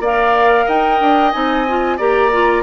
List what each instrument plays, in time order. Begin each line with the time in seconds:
0.00 bassoon A#3, clarinet A#4, oboe D5, flute F5
0.66 bassoon D#4, oboe D#5, flute G5
1.01 bassoon D4
1.32 bassoon C4, clarinet D#4, flute G#5
1.69 clarinet F4
1.97 bassoon A#3, clarinet G4, oboe D5, flute A#5
2.32 clarinet F4